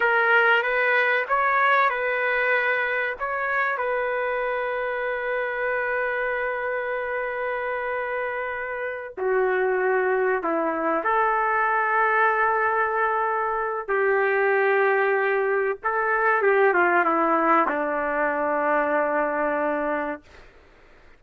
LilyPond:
\new Staff \with { instrumentName = "trumpet" } { \time 4/4 \tempo 4 = 95 ais'4 b'4 cis''4 b'4~ | b'4 cis''4 b'2~ | b'1~ | b'2~ b'8 fis'4.~ |
fis'8 e'4 a'2~ a'8~ | a'2 g'2~ | g'4 a'4 g'8 f'8 e'4 | d'1 | }